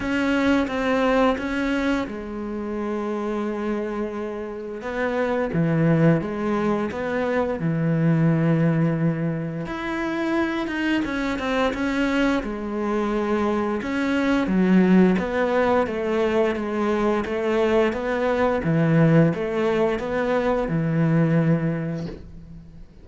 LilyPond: \new Staff \with { instrumentName = "cello" } { \time 4/4 \tempo 4 = 87 cis'4 c'4 cis'4 gis4~ | gis2. b4 | e4 gis4 b4 e4~ | e2 e'4. dis'8 |
cis'8 c'8 cis'4 gis2 | cis'4 fis4 b4 a4 | gis4 a4 b4 e4 | a4 b4 e2 | }